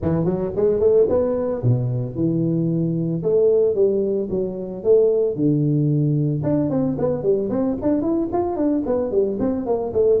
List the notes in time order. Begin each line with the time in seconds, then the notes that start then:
0.02 E3
0.25 F#3
0.56 G#3
0.80 A3
1.08 B3
1.62 B2
2.15 E3
3.22 A3
3.75 G3
4.30 F#3
4.83 A3
5.35 D3
6.43 D4
6.70 C4
6.98 B3
7.22 G3
7.49 C4
7.81 D4
8.01 E4
8.32 F4
8.56 D4
8.85 B3
9.11 G3
9.39 C4
9.66 A#3
9.93 A3